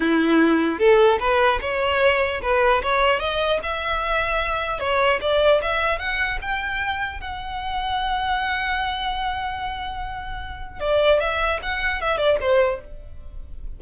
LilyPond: \new Staff \with { instrumentName = "violin" } { \time 4/4 \tempo 4 = 150 e'2 a'4 b'4 | cis''2 b'4 cis''4 | dis''4 e''2. | cis''4 d''4 e''4 fis''4 |
g''2 fis''2~ | fis''1~ | fis''2. d''4 | e''4 fis''4 e''8 d''8 c''4 | }